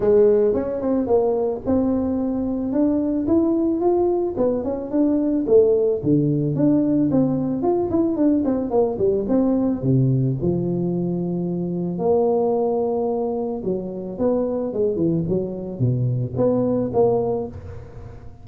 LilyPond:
\new Staff \with { instrumentName = "tuba" } { \time 4/4 \tempo 4 = 110 gis4 cis'8 c'8 ais4 c'4~ | c'4 d'4 e'4 f'4 | b8 cis'8 d'4 a4 d4 | d'4 c'4 f'8 e'8 d'8 c'8 |
ais8 g8 c'4 c4 f4~ | f2 ais2~ | ais4 fis4 b4 gis8 e8 | fis4 b,4 b4 ais4 | }